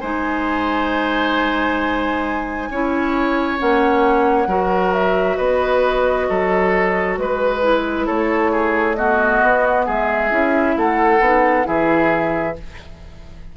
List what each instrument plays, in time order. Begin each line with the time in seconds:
0.00 bassoon G#3, clarinet D#4, oboe C5, flute G#5
2.70 bassoon C#4, clarinet E4, oboe C#5
3.58 bassoon A#3, clarinet C#4, flute F#5
4.47 bassoon F#3, clarinet F#4, oboe A#4
4.93 flute E5
5.36 bassoon B3, oboe B4, flute D#5
6.29 bassoon F#3, oboe A4
7.16 bassoon G#3, flute B4, oboe B4
7.62 clarinet E4
8.06 bassoon A3, oboe A4, flute C#5
8.51 oboe G#4
8.95 clarinet B3, oboe F#4, flute D#5
9.42 bassoon B3
9.86 bassoon G#3, oboe G#4, flute E5
10.29 bassoon C#4, clarinet E4
10.77 bassoon A3, oboe A4, flute F#5
11.20 bassoon B3, clarinet D#4
11.63 bassoon E3, clarinet E4, oboe G#4, flute E5